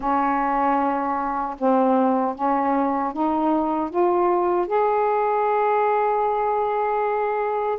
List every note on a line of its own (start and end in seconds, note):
0.00 1.56 C#4
1.58 2.35 C4
2.35 3.13 C#4
3.13 3.90 D#4
3.90 4.67 F4
4.67 7.79 G#4